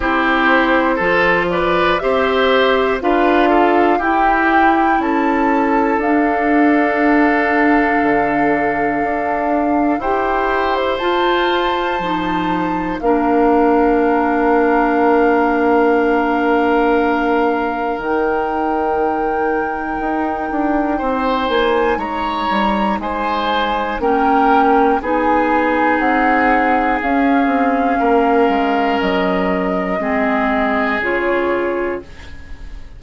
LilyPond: <<
  \new Staff \with { instrumentName = "flute" } { \time 4/4 \tempo 4 = 60 c''4. d''8 e''4 f''4 | g''4 a''4 f''2~ | f''2 g''8. c''16 a''4~ | a''4 f''2.~ |
f''2 g''2~ | g''4. gis''8 ais''4 gis''4 | g''4 gis''4 fis''4 f''4~ | f''4 dis''2 cis''4 | }
  \new Staff \with { instrumentName = "oboe" } { \time 4/4 g'4 a'8 b'8 c''4 b'8 a'8 | g'4 a'2.~ | a'2 c''2~ | c''4 ais'2.~ |
ais'1~ | ais'4 c''4 cis''4 c''4 | ais'4 gis'2. | ais'2 gis'2 | }
  \new Staff \with { instrumentName = "clarinet" } { \time 4/4 e'4 f'4 g'4 f'4 | e'2 d'2~ | d'2 g'4 f'4 | dis'4 d'2.~ |
d'2 dis'2~ | dis'1 | cis'4 dis'2 cis'4~ | cis'2 c'4 f'4 | }
  \new Staff \with { instrumentName = "bassoon" } { \time 4/4 c'4 f4 c'4 d'4 | e'4 cis'4 d'2 | d4 d'4 e'4 f'4 | f4 ais2.~ |
ais2 dis2 | dis'8 d'8 c'8 ais8 gis8 g8 gis4 | ais4 b4 c'4 cis'8 c'8 | ais8 gis8 fis4 gis4 cis4 | }
>>